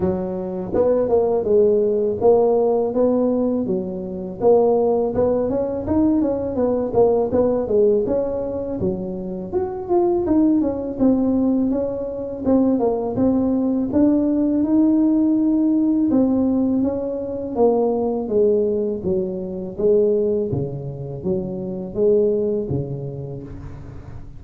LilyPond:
\new Staff \with { instrumentName = "tuba" } { \time 4/4 \tempo 4 = 82 fis4 b8 ais8 gis4 ais4 | b4 fis4 ais4 b8 cis'8 | dis'8 cis'8 b8 ais8 b8 gis8 cis'4 | fis4 fis'8 f'8 dis'8 cis'8 c'4 |
cis'4 c'8 ais8 c'4 d'4 | dis'2 c'4 cis'4 | ais4 gis4 fis4 gis4 | cis4 fis4 gis4 cis4 | }